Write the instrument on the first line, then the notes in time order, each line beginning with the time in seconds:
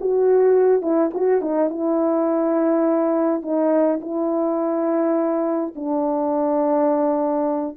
horn
0.00 F#4
0.82 E4
1.14 F#4
1.41 D#4
1.70 E4
3.42 D#4
4.00 E4
5.75 D4